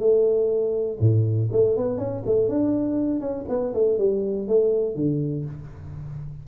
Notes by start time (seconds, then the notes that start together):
0.00 A3
1.00 A2
1.52 A3
1.77 B3
1.98 C#4
2.26 A3
2.49 D4
3.21 C#4
3.49 B3
3.74 A3
3.99 G3
4.48 A3
4.96 D3